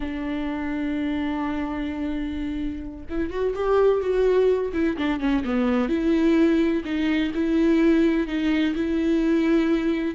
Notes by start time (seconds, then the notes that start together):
0.00 D4
3.09 E4
3.30 F#4
3.55 G4
4.01 F#4
4.73 E4
4.97 D4
5.20 C#4
5.44 B3
5.88 E4
6.85 D#4
7.34 E4
8.27 D#4
8.75 E4